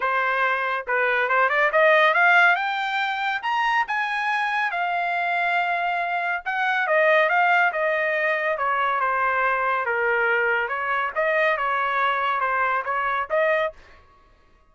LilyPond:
\new Staff \with { instrumentName = "trumpet" } { \time 4/4 \tempo 4 = 140 c''2 b'4 c''8 d''8 | dis''4 f''4 g''2 | ais''4 gis''2 f''4~ | f''2. fis''4 |
dis''4 f''4 dis''2 | cis''4 c''2 ais'4~ | ais'4 cis''4 dis''4 cis''4~ | cis''4 c''4 cis''4 dis''4 | }